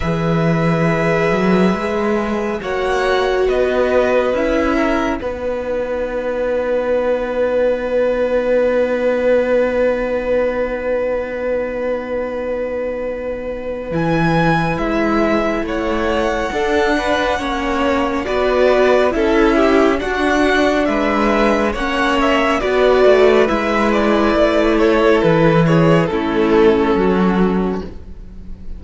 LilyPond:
<<
  \new Staff \with { instrumentName = "violin" } { \time 4/4 \tempo 4 = 69 e''2. fis''4 | dis''4 e''4 fis''2~ | fis''1~ | fis''1 |
gis''4 e''4 fis''2~ | fis''4 d''4 e''4 fis''4 | e''4 fis''8 e''8 d''4 e''8 d''8~ | d''8 cis''8 b'8 cis''8 a'2 | }
  \new Staff \with { instrumentName = "violin" } { \time 4/4 b'2. cis''4 | b'4. ais'8 b'2~ | b'1~ | b'1~ |
b'2 cis''4 a'8 b'8 | cis''4 b'4 a'8 g'8 fis'4 | b'4 cis''4 b'2~ | b'8 a'4 gis'8 e'4 fis'4 | }
  \new Staff \with { instrumentName = "viola" } { \time 4/4 gis'2. fis'4~ | fis'4 e'4 dis'2~ | dis'1~ | dis'1 |
e'2. d'4 | cis'4 fis'4 e'4 d'4~ | d'4 cis'4 fis'4 e'4~ | e'2 cis'2 | }
  \new Staff \with { instrumentName = "cello" } { \time 4/4 e4. fis8 gis4 ais4 | b4 cis'4 b2~ | b1~ | b1 |
e4 gis4 a4 d'4 | ais4 b4 cis'4 d'4 | gis4 ais4 b8 a8 gis4 | a4 e4 a4 fis4 | }
>>